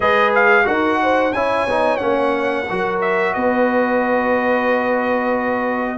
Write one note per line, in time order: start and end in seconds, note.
0.00 0.66 G#3
0.00 0.65 G#4
0.00 0.65 B4
0.00 0.33 D#5
0.35 0.66 F5
0.65 1.32 D#4
0.65 1.31 F#4
0.65 1.00 A#4
0.65 1.32 F#5
1.02 1.34 C5
1.32 1.66 C#4
1.32 1.68 E4
1.32 2.67 C#5
1.32 1.97 G#5
1.66 1.99 B3
1.66 1.98 D#4
1.97 2.68 A#3
1.97 2.65 C#4
1.97 2.97 F#5
2.69 3.35 F#3
2.69 5.97 F#4
2.69 3.35 A#4
3.01 3.33 E5
3.33 5.97 B3
3.33 5.97 B4
3.33 5.97 D#5